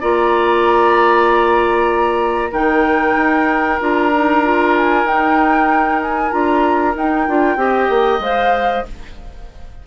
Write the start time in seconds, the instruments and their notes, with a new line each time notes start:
0.00 bassoon A#3, clarinet F4, oboe D5, flute A#5
2.51 bassoon D#3, clarinet D#4, oboe A#4, flute G5
3.16 bassoon D#4
3.80 bassoon D4, clarinet F4, flute A#5
4.14 clarinet D#4
4.44 clarinet F4
4.77 flute G#5
5.04 bassoon D#4, clarinet D#4, flute G5
6.02 flute G#5
6.30 bassoon D4, clarinet F4, flute A#5
6.95 bassoon D#4, clarinet D#4, flute G5
7.27 bassoon D4, clarinet F4
7.56 bassoon C4, clarinet G4, oboe D#5
7.89 bassoon A#3
8.19 bassoon G#3, clarinet C5, flute F5